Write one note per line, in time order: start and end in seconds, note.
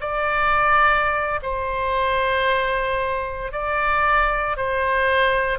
0.00 1.40 D5
1.42 3.51 C5
3.52 4.56 D5
4.56 5.58 C5